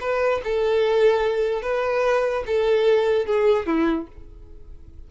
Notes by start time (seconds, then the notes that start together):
0.00 B4
0.43 A4
1.62 B4
2.46 A4
3.25 G#4
3.66 E4